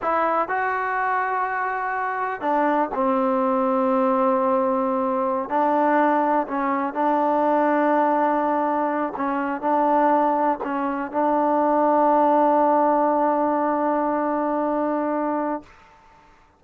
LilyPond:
\new Staff \with { instrumentName = "trombone" } { \time 4/4 \tempo 4 = 123 e'4 fis'2.~ | fis'4 d'4 c'2~ | c'2.~ c'16 d'8.~ | d'4~ d'16 cis'4 d'4.~ d'16~ |
d'2~ d'8. cis'4 d'16~ | d'4.~ d'16 cis'4 d'4~ d'16~ | d'1~ | d'1 | }